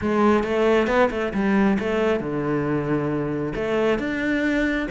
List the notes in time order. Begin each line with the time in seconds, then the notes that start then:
0.01 G#3
0.43 A3
0.87 B3
1.10 A3
1.33 G3
1.79 A3
2.20 D3
3.55 A3
3.98 D4